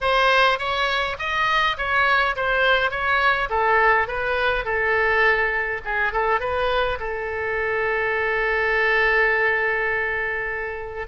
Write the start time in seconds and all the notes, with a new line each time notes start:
0.00 C5
0.58 C#5
1.18 D#5
1.77 C#5
2.35 C5
2.90 C#5
3.49 A4
4.07 B4
4.64 A4
5.84 G#4
6.12 A4
6.39 B4
6.99 A4